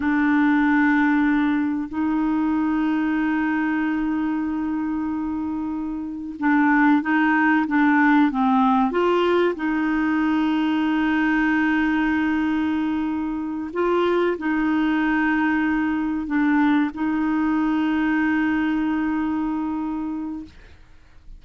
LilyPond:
\new Staff \with { instrumentName = "clarinet" } { \time 4/4 \tempo 4 = 94 d'2. dis'4~ | dis'1~ | dis'2 d'4 dis'4 | d'4 c'4 f'4 dis'4~ |
dis'1~ | dis'4. f'4 dis'4.~ | dis'4. d'4 dis'4.~ | dis'1 | }